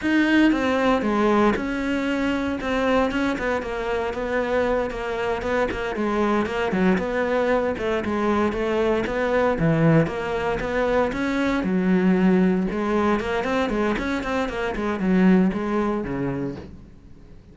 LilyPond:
\new Staff \with { instrumentName = "cello" } { \time 4/4 \tempo 4 = 116 dis'4 c'4 gis4 cis'4~ | cis'4 c'4 cis'8 b8 ais4 | b4. ais4 b8 ais8 gis8~ | gis8 ais8 fis8 b4. a8 gis8~ |
gis8 a4 b4 e4 ais8~ | ais8 b4 cis'4 fis4.~ | fis8 gis4 ais8 c'8 gis8 cis'8 c'8 | ais8 gis8 fis4 gis4 cis4 | }